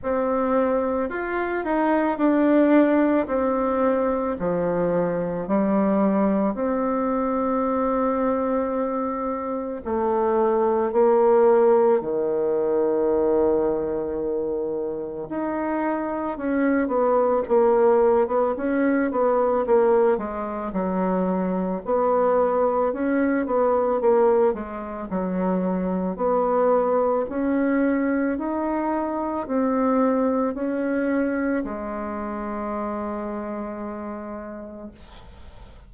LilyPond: \new Staff \with { instrumentName = "bassoon" } { \time 4/4 \tempo 4 = 55 c'4 f'8 dis'8 d'4 c'4 | f4 g4 c'2~ | c'4 a4 ais4 dis4~ | dis2 dis'4 cis'8 b8 |
ais8. b16 cis'8 b8 ais8 gis8 fis4 | b4 cis'8 b8 ais8 gis8 fis4 | b4 cis'4 dis'4 c'4 | cis'4 gis2. | }